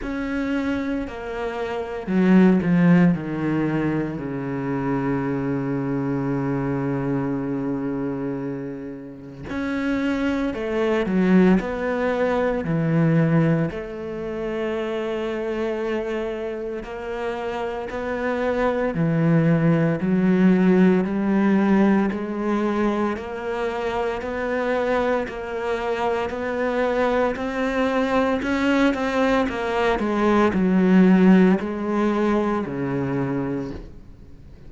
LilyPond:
\new Staff \with { instrumentName = "cello" } { \time 4/4 \tempo 4 = 57 cis'4 ais4 fis8 f8 dis4 | cis1~ | cis4 cis'4 a8 fis8 b4 | e4 a2. |
ais4 b4 e4 fis4 | g4 gis4 ais4 b4 | ais4 b4 c'4 cis'8 c'8 | ais8 gis8 fis4 gis4 cis4 | }